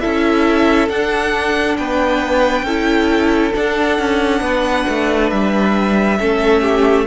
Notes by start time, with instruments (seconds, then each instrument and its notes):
0.00 cello C#4, viola E4, violin A4 E5
0.89 cello D4, viola D4, violin F#5
1.76 cello B3, violin B4 G5
2.62 cello C#4, viola E4, violin A4
3.53 viola D4, cello D4, violin F#5
3.99 cello C#4
4.40 cello B3, violin B4
4.88 cello A3
5.30 cello G3, violin E5
6.19 cello A3, viola C#4, violin A4
6.61 violin G4